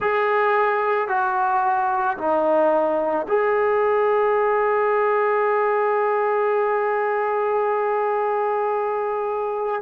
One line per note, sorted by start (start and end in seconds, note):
0.00 1.08 G#4
1.08 2.17 F#4
2.17 3.26 D#4
3.27 9.82 G#4